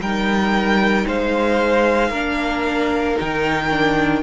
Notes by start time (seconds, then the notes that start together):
0.00 G3 D#4 A#4 G5
1.06 G#3 C5 F5
2.09 A#3 D4 A#4
3.15 D#3 D#4 G5
3.71 D4